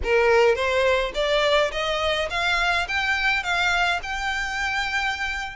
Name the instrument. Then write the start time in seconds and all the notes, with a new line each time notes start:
violin
0.03 A#4
0.55 C5
1.14 D5
1.71 D#5
2.30 F5
2.88 G5
3.43 F5
4.03 G5